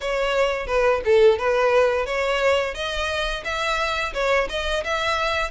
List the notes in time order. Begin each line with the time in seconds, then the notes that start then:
0.00 C#5
0.66 B4
1.04 A4
1.38 B4
2.06 C#5
2.74 D#5
3.44 E5
4.13 C#5
4.49 D#5
4.83 E5